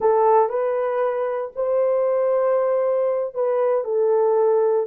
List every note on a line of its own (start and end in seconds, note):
0.00 0.49 A4
0.49 1.51 B4
1.55 3.34 C5
3.34 3.84 B4
3.84 4.86 A4